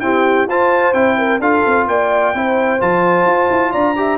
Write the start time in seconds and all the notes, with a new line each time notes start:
0.00 C4 E4 G4 G5
0.47 F4 C5 A5
0.93 C4 E4 G5
1.18 A#4
1.40 D4 F4 A4 F5
1.66 C4
1.87 A#3 D5 G5
2.34 C4 E4 C5
2.80 F3 F4 A5
3.25 F4
3.50 E4
3.71 D4 D5 A#5
3.96 G4 E5